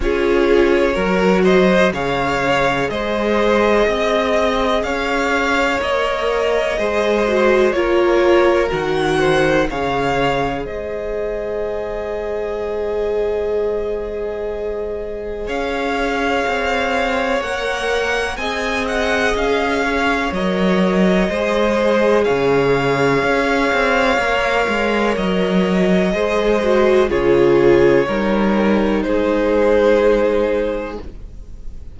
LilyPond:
<<
  \new Staff \with { instrumentName = "violin" } { \time 4/4 \tempo 4 = 62 cis''4. dis''8 f''4 dis''4~ | dis''4 f''4 dis''2 | cis''4 fis''4 f''4 dis''4~ | dis''1 |
f''2 fis''4 gis''8 fis''8 | f''4 dis''2 f''4~ | f''2 dis''2 | cis''2 c''2 | }
  \new Staff \with { instrumentName = "violin" } { \time 4/4 gis'4 ais'8 c''8 cis''4 c''4 | dis''4 cis''2 c''4 | ais'4. c''8 cis''4 c''4~ | c''1 |
cis''2. dis''4~ | dis''8 cis''4. c''4 cis''4~ | cis''2. c''4 | gis'4 ais'4 gis'2 | }
  \new Staff \with { instrumentName = "viola" } { \time 4/4 f'4 fis'4 gis'2~ | gis'2 ais'4 gis'8 fis'8 | f'4 fis'4 gis'2~ | gis'1~ |
gis'2 ais'4 gis'4~ | gis'4 ais'4 gis'2~ | gis'4 ais'2 gis'8 fis'8 | f'4 dis'2. | }
  \new Staff \with { instrumentName = "cello" } { \time 4/4 cis'4 fis4 cis4 gis4 | c'4 cis'4 ais4 gis4 | ais4 dis4 cis4 gis4~ | gis1 |
cis'4 c'4 ais4 c'4 | cis'4 fis4 gis4 cis4 | cis'8 c'8 ais8 gis8 fis4 gis4 | cis4 g4 gis2 | }
>>